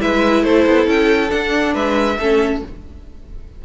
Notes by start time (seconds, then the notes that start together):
0.00 G#3 E4 B4 E5
0.43 A3 A4 C5
0.66 B3
0.87 C#4 G5
1.29 D4 F#5
1.73 G#3 B4 E5
2.18 A3 C#4 A4